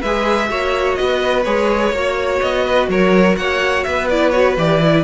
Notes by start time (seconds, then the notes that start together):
0.00 G#3 B4 E5
0.06 G#4
0.48 A#3 F#4 C#5
0.95 B3 B4 D#5
1.44 G#3 G#4 C#5
1.92 A#3 F#4 C#5
2.40 B3 D#5
2.65 B4
2.88 F#3 A#4 C#5
3.36 A#3 C#5 F#5
3.83 B3 B4 E5
4.09 E4 D5
4.30 F#4 C#5
4.57 E3 G4 D5
4.81 E4